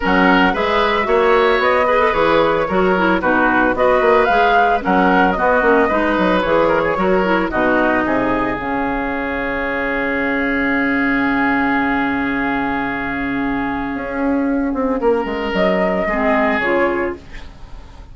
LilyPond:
<<
  \new Staff \with { instrumentName = "flute" } { \time 4/4 \tempo 4 = 112 fis''4 e''2 dis''4 | cis''2 b'4 dis''4 | f''4 fis''4 dis''2 | cis''2 dis''2 |
f''1~ | f''1~ | f''1~ | f''4 dis''2 cis''4 | }
  \new Staff \with { instrumentName = "oboe" } { \time 4/4 ais'4 b'4 cis''4. b'8~ | b'4 ais'4 fis'4 b'4~ | b'4 ais'4 fis'4 b'4~ | b'8 ais'16 gis'16 ais'4 fis'4 gis'4~ |
gis'1~ | gis'1~ | gis'1 | ais'2 gis'2 | }
  \new Staff \with { instrumentName = "clarinet" } { \time 4/4 cis'4 gis'4 fis'4. gis'16 a'16 | gis'4 fis'8 e'8 dis'4 fis'4 | gis'4 cis'4 b8 cis'8 dis'4 | gis'4 fis'8 e'8 dis'2 |
cis'1~ | cis'1~ | cis'1~ | cis'2 c'4 f'4 | }
  \new Staff \with { instrumentName = "bassoon" } { \time 4/4 fis4 gis4 ais4 b4 | e4 fis4 b,4 b8 ais8 | gis4 fis4 b8 ais8 gis8 fis8 | e4 fis4 b,4 c4 |
cis1~ | cis1~ | cis2 cis'4. c'8 | ais8 gis8 fis4 gis4 cis4 | }
>>